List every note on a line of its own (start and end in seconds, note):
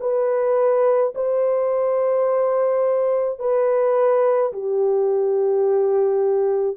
0.00 1.13 B4
1.15 3.39 C5
3.39 4.52 B4
4.53 6.77 G4